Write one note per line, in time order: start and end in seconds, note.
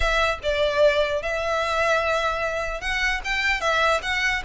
0.00 0.39 E5
0.42 1.22 D5
1.22 2.80 E5
2.80 3.20 F#5
3.24 3.60 G5
3.60 4.00 E5
4.02 4.42 F#5